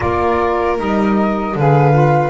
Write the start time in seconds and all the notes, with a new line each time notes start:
0.00 A#3 F4 A#4 D5
0.77 G3 D#4 D#5
1.55 D3 G#4 B4 F5
1.92 F4